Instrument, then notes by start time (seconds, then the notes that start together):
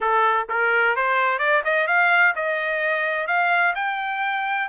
trumpet
0.00 A4
0.49 A#4
0.96 C5
1.38 D5
1.64 D#5
1.87 F5
2.35 D#5
3.27 F5
3.75 G5